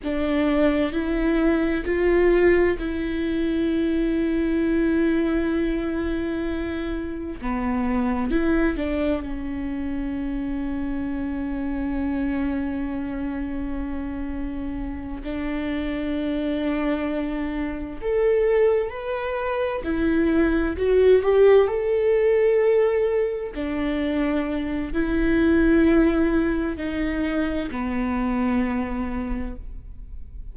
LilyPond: \new Staff \with { instrumentName = "viola" } { \time 4/4 \tempo 4 = 65 d'4 e'4 f'4 e'4~ | e'1 | b4 e'8 d'8 cis'2~ | cis'1~ |
cis'8 d'2. a'8~ | a'8 b'4 e'4 fis'8 g'8 a'8~ | a'4. d'4. e'4~ | e'4 dis'4 b2 | }